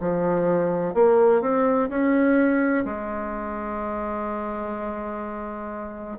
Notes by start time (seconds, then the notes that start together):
0.00 F3
0.94 A#3
1.41 C4
1.89 C#4
2.85 G#3